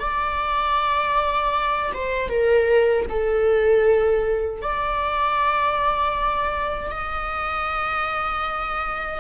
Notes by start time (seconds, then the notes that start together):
0.00 D5
1.94 C5
2.29 A#4
3.09 A4
4.62 D5
6.90 D#5